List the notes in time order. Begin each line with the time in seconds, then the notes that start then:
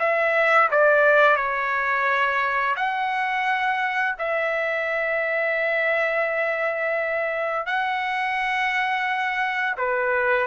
0.00 E5
0.71 D5
1.37 C#5
2.77 F#5
4.19 E5
7.67 F#5
9.78 B4